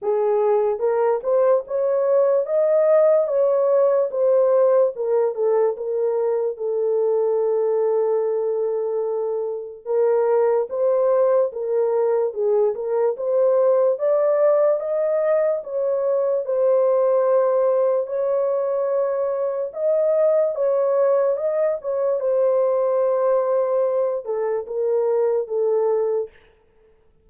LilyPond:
\new Staff \with { instrumentName = "horn" } { \time 4/4 \tempo 4 = 73 gis'4 ais'8 c''8 cis''4 dis''4 | cis''4 c''4 ais'8 a'8 ais'4 | a'1 | ais'4 c''4 ais'4 gis'8 ais'8 |
c''4 d''4 dis''4 cis''4 | c''2 cis''2 | dis''4 cis''4 dis''8 cis''8 c''4~ | c''4. a'8 ais'4 a'4 | }